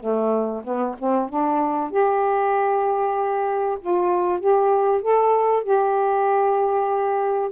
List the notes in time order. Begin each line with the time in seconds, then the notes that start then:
0.00 A3
0.64 B3
0.99 C4
1.29 D4
1.91 G4
3.81 F4
4.40 G4
5.02 A4
5.64 G4